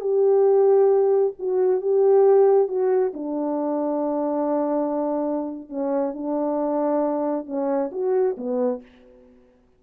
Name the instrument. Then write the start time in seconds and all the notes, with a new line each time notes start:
horn
0.00 G4
1.39 F#4
1.81 G4
2.67 F#4
3.13 D4
5.69 C#4
6.13 D4
7.45 C#4
7.91 F#4
8.37 B3